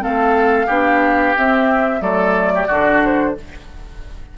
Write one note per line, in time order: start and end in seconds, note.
0.00 0.69 A3
0.00 0.67 C4
0.00 0.67 A4
0.00 1.37 F5
0.67 1.35 B3
0.67 1.36 D4
0.67 2.00 G4
1.37 2.01 C4
1.37 2.02 E5
2.01 2.68 F#3
2.01 2.67 A3
2.01 2.53 A4
2.01 3.02 D5
2.55 2.67 G4
2.67 3.37 D3
2.67 3.37 D4
2.67 3.34 F#4
3.05 3.38 C5